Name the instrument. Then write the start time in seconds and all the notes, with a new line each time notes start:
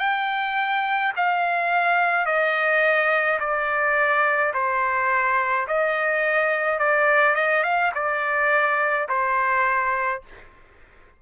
trumpet
0.00 G5
1.17 F5
2.26 D#5
3.40 D5
4.54 C5
5.68 D#5
6.79 D5
7.35 D#5
7.64 F5
7.95 D5
9.09 C5